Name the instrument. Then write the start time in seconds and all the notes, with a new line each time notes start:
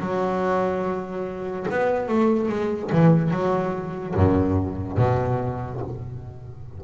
double bass
0.00 F#3
1.70 B3
2.08 A3
2.49 G#3
2.92 E3
3.31 F#3
4.15 F#2
4.97 B2